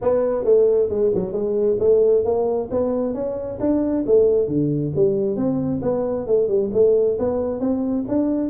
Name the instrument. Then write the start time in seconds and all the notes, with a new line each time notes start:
tuba
0.01 B3
0.44 A3
0.89 G#3
1.14 F#3
1.32 G#3
1.79 A3
2.24 A#3
2.70 B3
3.13 C#4
3.59 D4
4.06 A3
4.47 D3
4.95 G3
5.36 C4
5.81 B3
6.26 A3
6.48 G3
6.73 A3
7.18 B3
7.60 C4
8.07 D4